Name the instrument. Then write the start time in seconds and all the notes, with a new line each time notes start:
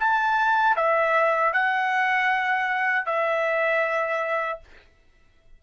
trumpet
0.00 A5
0.77 E5
1.53 F#5
3.06 E5